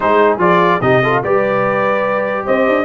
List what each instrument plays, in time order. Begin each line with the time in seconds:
0.00 tuba G#3, trombone D#4, horn G#4, trumpet C5
0.38 tuba F3, trombone F4, trumpet D5
0.81 tuba C3, trombone D#4, horn G4, trumpet D#5
1.02 trombone F4, horn A4
1.23 tuba G3, trombone G4, horn B4, trumpet D5
2.45 tuba C4, horn C5, trumpet D#5
2.67 tuba D4